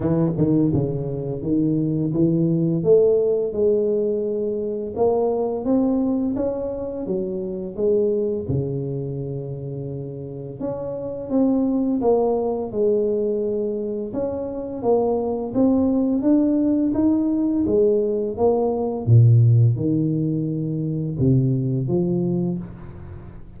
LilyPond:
\new Staff \with { instrumentName = "tuba" } { \time 4/4 \tempo 4 = 85 e8 dis8 cis4 dis4 e4 | a4 gis2 ais4 | c'4 cis'4 fis4 gis4 | cis2. cis'4 |
c'4 ais4 gis2 | cis'4 ais4 c'4 d'4 | dis'4 gis4 ais4 ais,4 | dis2 c4 f4 | }